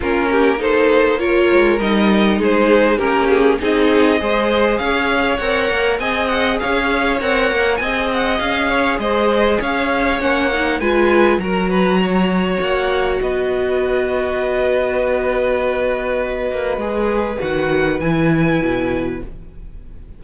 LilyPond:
<<
  \new Staff \with { instrumentName = "violin" } { \time 4/4 \tempo 4 = 100 ais'4 c''4 cis''4 dis''4 | c''4 ais'8 gis'8 dis''2 | f''4 fis''4 gis''8 fis''8 f''4 | fis''4 gis''8 fis''8 f''4 dis''4 |
f''4 fis''4 gis''4 ais''4~ | ais''4 fis''4 dis''2~ | dis''1~ | dis''4 fis''4 gis''2 | }
  \new Staff \with { instrumentName = "violin" } { \time 4/4 f'8 g'8 a'4 ais'2 | gis'4 g'4 gis'4 c''4 | cis''2 dis''4 cis''4~ | cis''4 dis''4. cis''8 c''4 |
cis''2 b'4 ais'8 b'8 | cis''2 b'2~ | b'1~ | b'1 | }
  \new Staff \with { instrumentName = "viola" } { \time 4/4 cis'4 dis'4 f'4 dis'4~ | dis'4 cis'4 dis'4 gis'4~ | gis'4 ais'4 gis'2 | ais'4 gis'2.~ |
gis'4 cis'8 dis'8 f'4 fis'4~ | fis'1~ | fis'1 | gis'4 fis'4 e'2 | }
  \new Staff \with { instrumentName = "cello" } { \time 4/4 ais2~ ais8 gis8 g4 | gis4 ais4 c'4 gis4 | cis'4 c'8 ais8 c'4 cis'4 | c'8 ais8 c'4 cis'4 gis4 |
cis'4 ais4 gis4 fis4~ | fis4 ais4 b2~ | b2.~ b8 ais8 | gis4 dis4 e4 b,4 | }
>>